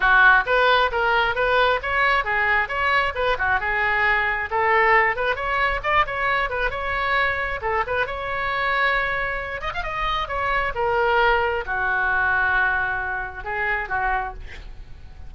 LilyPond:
\new Staff \with { instrumentName = "oboe" } { \time 4/4 \tempo 4 = 134 fis'4 b'4 ais'4 b'4 | cis''4 gis'4 cis''4 b'8 fis'8 | gis'2 a'4. b'8 | cis''4 d''8 cis''4 b'8 cis''4~ |
cis''4 a'8 b'8 cis''2~ | cis''4. dis''16 f''16 dis''4 cis''4 | ais'2 fis'2~ | fis'2 gis'4 fis'4 | }